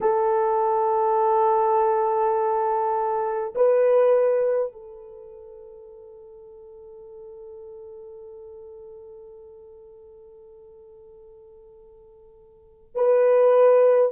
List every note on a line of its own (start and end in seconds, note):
0.01 3.53 A4
3.55 4.72 B4
4.72 12.95 A4
12.95 14.12 B4